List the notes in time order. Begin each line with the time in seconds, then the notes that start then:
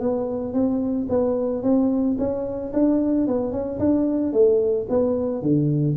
0.00 B3
0.53 C4
1.09 B3
1.62 C4
2.18 C#4
2.73 D4
3.27 B3
3.52 C#4
3.79 D4
4.33 A3
4.89 B3
5.42 D3